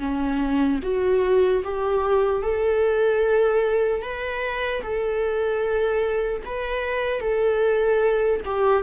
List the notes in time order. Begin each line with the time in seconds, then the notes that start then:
0.00 C#4
0.83 F#4
1.65 G4
2.43 A4
4.03 B4
4.83 A4
6.45 B4
7.21 A4
8.45 G4